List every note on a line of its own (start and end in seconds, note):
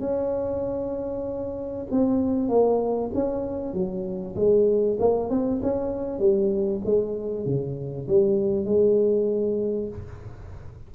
0.00 1.86 C#4
1.91 2.49 C4
2.49 3.11 A#3
3.14 3.73 C#4
3.73 4.35 F#3
4.36 4.97 G#3
4.99 5.30 A#3
5.30 5.61 C4
5.62 6.19 C#4
6.19 6.81 G3
6.85 7.45 G#3
7.45 8.07 C#3
8.08 8.65 G3
8.65 9.89 G#3